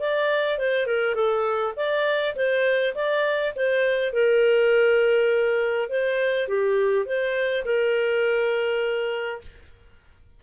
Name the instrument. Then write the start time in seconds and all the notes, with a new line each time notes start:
clarinet
0.00 D5
0.59 C5
0.87 A#4
1.15 A4
1.77 D5
2.36 C5
2.95 D5
3.56 C5
4.13 A#4
5.90 C5
6.48 G4
7.06 C5
7.65 A#4